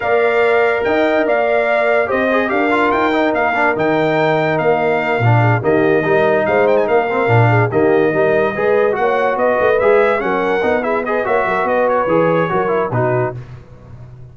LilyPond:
<<
  \new Staff \with { instrumentName = "trumpet" } { \time 4/4 \tempo 4 = 144 f''2 g''4 f''4~ | f''4 dis''4 f''4 g''4 | f''4 g''2 f''4~ | f''4. dis''2 f''8 |
g''16 gis''16 f''2 dis''4.~ | dis''4. fis''4 dis''4 e''8~ | e''8 fis''4. e''8 dis''8 e''4 | dis''8 cis''2~ cis''8 b'4 | }
  \new Staff \with { instrumentName = "horn" } { \time 4/4 d''2 dis''4 d''4~ | d''4 c''4 ais'2~ | ais'1~ | ais'4 gis'8 g'4 ais'4 c''8~ |
c''8 ais'4. gis'8 g'4 ais'8~ | ais'8 b'4 cis''4 b'4.~ | b'8 ais'4. gis'8 b'8 cis''8 ais'8 | b'2 ais'4 fis'4 | }
  \new Staff \with { instrumentName = "trombone" } { \time 4/4 ais'1~ | ais'4 g'8 gis'8 g'8 f'4 dis'8~ | dis'8 d'8 dis'2.~ | dis'8 d'4 ais4 dis'4.~ |
dis'4 c'8 d'4 ais4 dis'8~ | dis'8 gis'4 fis'2 gis'8~ | gis'8 cis'4 dis'8 e'8 gis'8 fis'4~ | fis'4 gis'4 fis'8 e'8 dis'4 | }
  \new Staff \with { instrumentName = "tuba" } { \time 4/4 ais2 dis'4 ais4~ | ais4 c'4 d'4 dis'4 | ais4 dis2 ais4~ | ais8 ais,4 dis4 g4 gis8~ |
gis8 ais4 ais,4 dis4 g8~ | g8 gis4 ais4 b8 a8 gis8~ | gis8 fis4 b4. ais8 fis8 | b4 e4 fis4 b,4 | }
>>